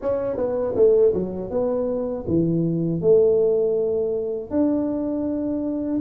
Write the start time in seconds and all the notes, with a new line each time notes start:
0.01 C#4
0.36 B3
0.75 A3
1.13 F#3
1.50 B3
2.27 E3
3.01 A3
4.50 D4